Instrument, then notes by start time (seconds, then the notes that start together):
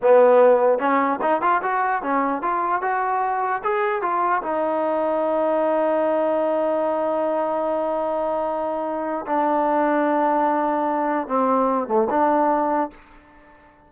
trombone
0.02 B3
0.79 C#4
1.21 D#4
1.41 F4
1.62 F#4
2.02 C#4
2.42 F4
2.81 F#4
3.63 G#4
4.02 F4
4.42 D#4
9.26 D4
11.27 C4
11.87 A3
12.10 D4